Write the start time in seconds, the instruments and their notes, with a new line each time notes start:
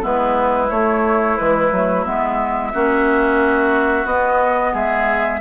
0.00 bassoon G#3, clarinet B3, oboe E4, flute B4
0.70 clarinet A3, bassoon A3, flute C#5
1.37 bassoon E3, clarinet G#3, flute B4
1.71 bassoon F#3, clarinet A3
2.04 bassoon G#3, clarinet B3, flute E5
2.73 bassoon A#3, clarinet C#4, oboe F#4
4.04 bassoon B3, clarinet B3, flute D#5
4.72 bassoon G#3, oboe G#4, flute E5